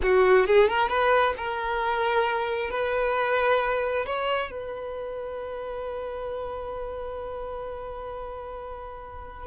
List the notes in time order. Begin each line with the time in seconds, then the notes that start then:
0.02 F#4
0.46 G#4
0.68 A#4
0.88 B4
1.37 A#4
2.70 B4
4.06 C#5
4.51 B4